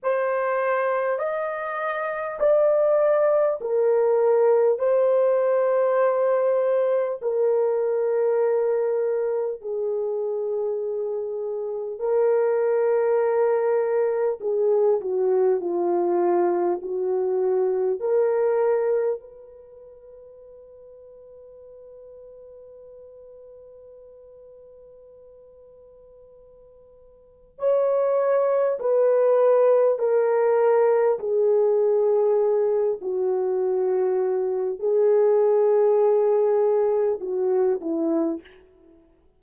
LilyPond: \new Staff \with { instrumentName = "horn" } { \time 4/4 \tempo 4 = 50 c''4 dis''4 d''4 ais'4 | c''2 ais'2 | gis'2 ais'2 | gis'8 fis'8 f'4 fis'4 ais'4 |
b'1~ | b'2. cis''4 | b'4 ais'4 gis'4. fis'8~ | fis'4 gis'2 fis'8 e'8 | }